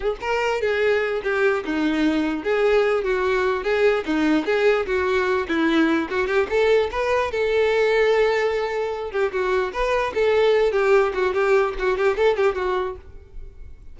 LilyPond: \new Staff \with { instrumentName = "violin" } { \time 4/4 \tempo 4 = 148 gis'8 ais'4 gis'4. g'4 | dis'2 gis'4. fis'8~ | fis'4 gis'4 dis'4 gis'4 | fis'4. e'4. fis'8 g'8 |
a'4 b'4 a'2~ | a'2~ a'8 g'8 fis'4 | b'4 a'4. g'4 fis'8 | g'4 fis'8 g'8 a'8 g'8 fis'4 | }